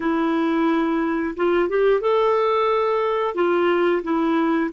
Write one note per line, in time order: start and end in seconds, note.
0.00 1.35 E4
1.36 1.69 F4
1.69 2.00 G4
2.00 3.34 A4
3.34 4.02 F4
4.03 4.70 E4